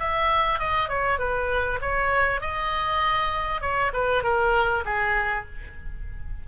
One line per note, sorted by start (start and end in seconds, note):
0.00 0.60 E5
0.60 0.89 D#5
0.89 1.19 C#5
1.19 1.80 B4
1.81 2.41 C#5
2.41 3.62 D#5
3.62 3.92 C#5
3.94 4.23 B4
4.23 4.84 A#4
4.85 5.46 G#4